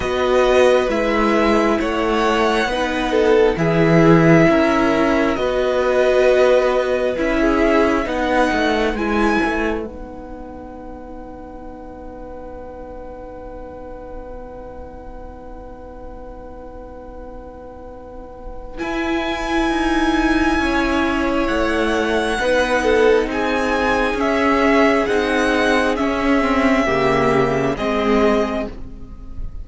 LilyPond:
<<
  \new Staff \with { instrumentName = "violin" } { \time 4/4 \tempo 4 = 67 dis''4 e''4 fis''2 | e''2 dis''2 | e''4 fis''4 gis''4 fis''4~ | fis''1~ |
fis''1~ | fis''4 gis''2. | fis''2 gis''4 e''4 | fis''4 e''2 dis''4 | }
  \new Staff \with { instrumentName = "violin" } { \time 4/4 b'2 cis''4 b'8 a'8 | gis'4 ais'4 b'2~ | b'16 gis'8. b'2.~ | b'1~ |
b'1~ | b'2. cis''4~ | cis''4 b'8 a'8 gis'2~ | gis'2 g'4 gis'4 | }
  \new Staff \with { instrumentName = "viola" } { \time 4/4 fis'4 e'2 dis'4 | e'2 fis'2 | e'4 dis'4 e'4 dis'4~ | dis'1~ |
dis'1~ | dis'4 e'2.~ | e'4 dis'2 cis'4 | dis'4 cis'8 c'8 ais4 c'4 | }
  \new Staff \with { instrumentName = "cello" } { \time 4/4 b4 gis4 a4 b4 | e4 cis'4 b2 | cis'4 b8 a8 gis8 a8 b4~ | b1~ |
b1~ | b4 e'4 dis'4 cis'4 | a4 b4 c'4 cis'4 | c'4 cis'4 cis4 gis4 | }
>>